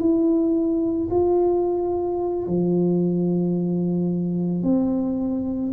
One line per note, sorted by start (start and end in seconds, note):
0.00 1.09 E4
1.11 2.47 F4
2.47 4.63 F3
4.63 5.72 C4